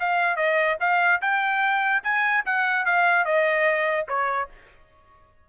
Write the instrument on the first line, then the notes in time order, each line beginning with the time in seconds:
trumpet
0.00 F5
0.37 D#5
0.80 F5
1.22 G5
2.04 G#5
2.46 F#5
2.86 F5
3.25 D#5
4.09 C#5